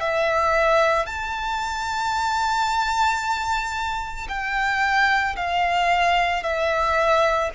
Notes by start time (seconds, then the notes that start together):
0.00 E5
1.06 A5
4.29 G5
5.36 F5
6.43 E5